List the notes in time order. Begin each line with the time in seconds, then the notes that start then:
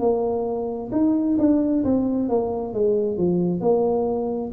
0.00 A#3
0.92 D#4
1.39 D4
1.85 C4
2.29 A#3
2.74 G#3
3.18 F3
3.61 A#3